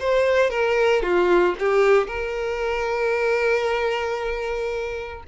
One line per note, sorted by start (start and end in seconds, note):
0.00 0.50 C5
0.50 1.03 A#4
1.03 1.55 F4
1.59 2.08 G4
2.08 5.23 A#4